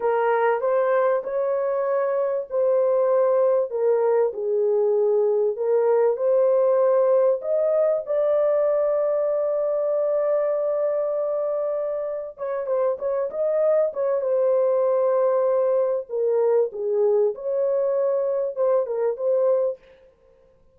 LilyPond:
\new Staff \with { instrumentName = "horn" } { \time 4/4 \tempo 4 = 97 ais'4 c''4 cis''2 | c''2 ais'4 gis'4~ | gis'4 ais'4 c''2 | dis''4 d''2.~ |
d''1 | cis''8 c''8 cis''8 dis''4 cis''8 c''4~ | c''2 ais'4 gis'4 | cis''2 c''8 ais'8 c''4 | }